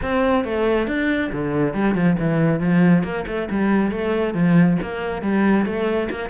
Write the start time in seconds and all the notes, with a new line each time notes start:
0.02 C4
0.44 A3
0.87 D4
1.32 D3
1.74 G3
1.94 F3
2.19 E3
2.60 F3
3.03 A#3
3.27 A3
3.50 G3
3.91 A3
4.34 F3
4.81 A#3
5.22 G3
5.65 A3
6.10 A#3